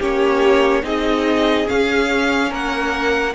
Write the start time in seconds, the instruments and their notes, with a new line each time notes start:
0.00 cello A#3, viola C#4, violin G4 C#5
0.83 cello C4, viola D#4, violin G#4 D#5
1.66 viola C#4, cello C#4, violin F5
2.51 cello A#3, violin A#4 F#5